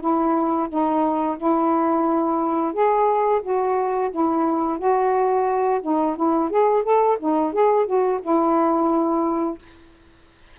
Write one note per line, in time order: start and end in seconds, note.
0.00 0.68 E4
0.69 1.37 D#4
1.37 2.73 E4
2.73 3.41 G#4
3.42 4.10 F#4
4.11 4.78 E4
4.78 5.80 F#4
5.81 6.15 D#4
6.16 6.50 E4
6.50 6.83 G#4
6.83 7.17 A4
7.19 7.52 D#4
7.52 7.85 G#4
7.85 8.19 F#4
8.21 9.58 E4